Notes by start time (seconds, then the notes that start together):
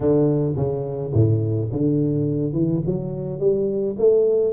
0.00 D3
0.55 C#3
1.13 A2
1.72 D3
2.53 E3
2.86 F#3
3.39 G3
3.98 A3